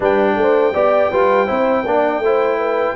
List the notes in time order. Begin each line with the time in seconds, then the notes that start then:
0.00 G3 D4 B4 G5
0.36 A3 C5
0.73 B3 G4 D5
1.10 G3 F4 B4
1.46 C4 E4 C5
1.85 A#3 D4 D5
2.18 A3
2.24 E4 C5
2.58 B4